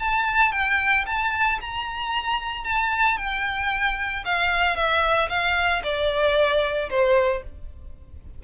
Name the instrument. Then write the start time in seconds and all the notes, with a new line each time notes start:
violin
0.00 A5
0.52 G5
1.06 A5
1.61 A#5
2.65 A5
3.18 G5
4.25 F5
4.76 E5
5.30 F5
5.84 D5
6.90 C5